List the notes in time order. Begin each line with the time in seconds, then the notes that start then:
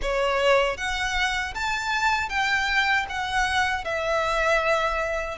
0.02 C#5
0.77 F#5
1.54 A5
2.29 G5
3.09 F#5
3.84 E5